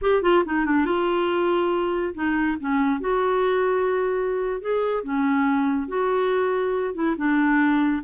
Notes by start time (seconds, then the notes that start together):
0.01 G4
0.22 F4
0.45 D#4
0.65 D4
0.85 F4
2.14 D#4
2.60 C#4
3.00 F#4
4.61 G#4
5.03 C#4
5.88 F#4
6.94 E4
7.17 D4